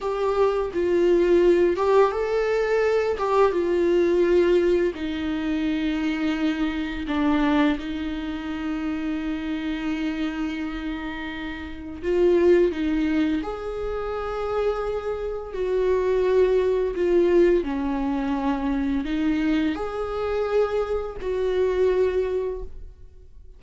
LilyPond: \new Staff \with { instrumentName = "viola" } { \time 4/4 \tempo 4 = 85 g'4 f'4. g'8 a'4~ | a'8 g'8 f'2 dis'4~ | dis'2 d'4 dis'4~ | dis'1~ |
dis'4 f'4 dis'4 gis'4~ | gis'2 fis'2 | f'4 cis'2 dis'4 | gis'2 fis'2 | }